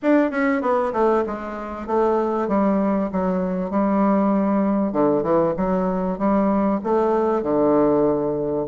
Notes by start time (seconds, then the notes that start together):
0.02 D4
0.31 C#4
0.61 B3
0.93 A3
1.26 G#3
1.86 A3
2.48 G3
3.12 F#3
3.70 G3
4.92 D3
5.23 E3
5.57 F#3
6.18 G3
6.83 A3
7.42 D3